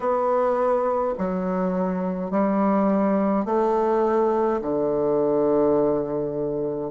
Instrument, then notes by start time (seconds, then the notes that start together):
bassoon
0.00 B3
1.18 F#3
2.30 G3
3.45 A3
4.62 D3